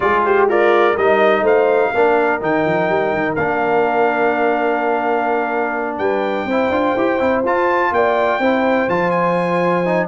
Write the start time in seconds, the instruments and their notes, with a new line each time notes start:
0.00 tuba G#3, trombone F4, horn G#4, trumpet D5
0.25 horn G4, trumpet C5
0.48 horn F4, trombone A#4, trumpet D5
0.93 tuba G3, trombone D#4, horn A#4, trumpet D#5
1.42 tuba A3, horn C5, trumpet F5
1.94 tuba A#3, trombone D4, horn A#4
2.40 tuba D#3, trombone D#4, trumpet G5
2.65 tuba F3
2.88 tuba G3
3.12 tuba D#3
3.35 tuba A#3, trombone D4, trumpet F5
5.97 tuba G3, horn B4, trumpet G5
6.45 tuba C4, trombone E4, horn C5
6.69 tuba D4, trombone F4
6.96 tuba E4, trombone G4
7.19 tuba C4, trombone E4
7.43 tuba F4, trombone F4, trumpet A5
7.91 tuba A#3, horn D5, trumpet G5
8.39 tuba C4, trombone E4, horn C5
8.88 tuba F3, trombone F4, trumpet A5
9.10 trumpet G#5
9.84 trombone D#4